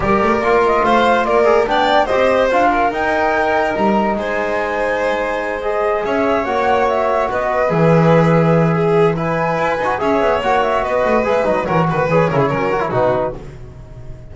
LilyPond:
<<
  \new Staff \with { instrumentName = "flute" } { \time 4/4 \tempo 4 = 144 d''4. dis''8 f''4 d''4 | g''4 dis''4 f''4 g''4~ | g''4 ais''4 gis''2~ | gis''4. dis''4 e''4 fis''8~ |
fis''8 e''4 dis''4 e''4.~ | e''2 gis''2 | e''4 fis''8 e''8 dis''4 e''8 dis''8 | cis''8 b'8 cis''2 b'4 | }
  \new Staff \with { instrumentName = "violin" } { \time 4/4 ais'2 c''4 ais'4 | d''4 c''4. ais'4.~ | ais'2 c''2~ | c''2~ c''8 cis''4.~ |
cis''4. b'2~ b'8~ | b'4 gis'4 b'2 | cis''2 b'2 | ais'8 b'4 ais'16 gis'16 ais'4 fis'4 | }
  \new Staff \with { instrumentName = "trombone" } { \time 4/4 g'4 f'2~ f'8 gis'8 | d'4 g'4 f'4 dis'4~ | dis'1~ | dis'4. gis'2 fis'8~ |
fis'2~ fis'8 gis'4.~ | gis'2 e'4. fis'8 | gis'4 fis'2 gis'8 dis'8 | fis'4 gis'8 e'8 cis'8 fis'16 e'16 dis'4 | }
  \new Staff \with { instrumentName = "double bass" } { \time 4/4 g8 a8 ais4 a4 ais4 | b4 c'4 d'4 dis'4~ | dis'4 g4 gis2~ | gis2~ gis8 cis'4 ais8~ |
ais4. b4 e4.~ | e2. e'8 dis'8 | cis'8 b8 ais4 b8 a8 gis8 fis8 | e8 dis8 e8 cis8 fis4 b,4 | }
>>